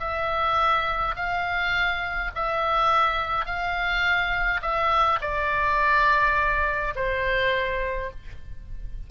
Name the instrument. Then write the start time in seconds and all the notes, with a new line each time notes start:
oboe
0.00 E5
1.15 F5
2.35 E5
3.46 F5
4.62 E5
5.21 D5
6.95 C5